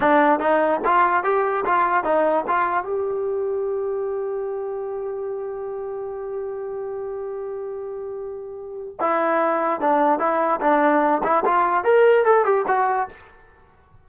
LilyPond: \new Staff \with { instrumentName = "trombone" } { \time 4/4 \tempo 4 = 147 d'4 dis'4 f'4 g'4 | f'4 dis'4 f'4 g'4~ | g'1~ | g'1~ |
g'1~ | g'2 e'2 | d'4 e'4 d'4. e'8 | f'4 ais'4 a'8 g'8 fis'4 | }